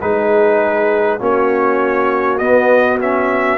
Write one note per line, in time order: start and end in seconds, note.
0.00 1.20 G#3
0.00 1.19 D#4
0.00 1.20 G#4
0.00 1.20 B4
1.19 2.40 A#3
1.19 2.39 C#4
1.19 3.58 F#4
1.19 2.38 C#5
2.38 2.99 B3
2.38 3.58 B3
2.38 2.98 D#5
3.00 3.58 C#4
3.00 3.58 E5